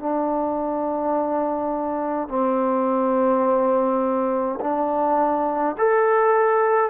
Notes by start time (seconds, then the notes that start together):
0.00 D4
2.29 C4
4.61 D4
5.78 A4